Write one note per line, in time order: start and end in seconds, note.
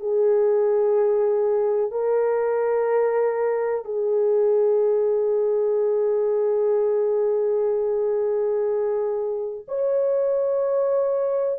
0.00 1.91 G#4
1.91 3.84 A#4
3.84 9.65 G#4
9.68 11.59 C#5